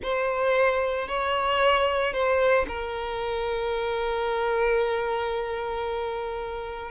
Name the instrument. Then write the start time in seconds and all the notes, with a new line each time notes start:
violin
0.03 C5
1.07 C#5
2.13 C5
2.68 A#4